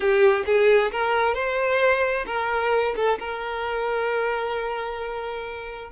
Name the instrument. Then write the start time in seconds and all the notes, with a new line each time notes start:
violin
0.00 G4
0.45 G#4
0.91 A#4
1.34 C5
2.26 A#4
2.96 A4
3.19 A#4